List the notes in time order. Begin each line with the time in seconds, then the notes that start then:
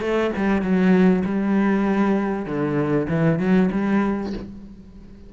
0.00 A3
0.36 G3
0.62 F#3
1.25 G3
2.45 D3
3.09 E3
3.38 F#3
3.72 G3